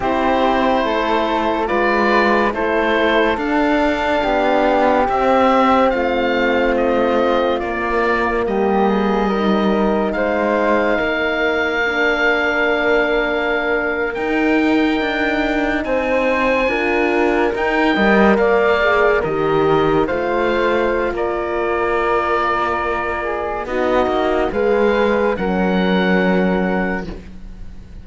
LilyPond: <<
  \new Staff \with { instrumentName = "oboe" } { \time 4/4 \tempo 4 = 71 c''2 d''4 c''4 | f''2 e''4 f''4 | dis''4 d''4 dis''2 | f''1~ |
f''8. g''2 gis''4~ gis''16~ | gis''8. g''4 f''4 dis''4 f''16~ | f''4 d''2. | dis''4 f''4 fis''2 | }
  \new Staff \with { instrumentName = "flute" } { \time 4/4 g'4 a'4 b'4 a'4~ | a'4 g'2 f'4~ | f'2 g'8 gis'8 ais'4 | c''4 ais'2.~ |
ais'2~ ais'8. c''4 ais'16~ | ais'4~ ais'16 dis''8 d''4 ais'4 c''16~ | c''4 ais'2~ ais'8 gis'8 | fis'4 b'4 ais'2 | }
  \new Staff \with { instrumentName = "horn" } { \time 4/4 e'2 f'4 e'4 | d'2 c'2~ | c'4 ais2 dis'4~ | dis'2 d'2~ |
d'8. dis'2. f'16~ | f'8. dis'8 ais'4 gis'8 g'4 f'16~ | f'1 | dis'4 gis'4 cis'2 | }
  \new Staff \with { instrumentName = "cello" } { \time 4/4 c'4 a4 gis4 a4 | d'4 b4 c'4 a4~ | a4 ais4 g2 | gis4 ais2.~ |
ais8. dis'4 d'4 c'4 d'16~ | d'8. dis'8 g8 ais4 dis4 a16~ | a4 ais2. | b8 ais8 gis4 fis2 | }
>>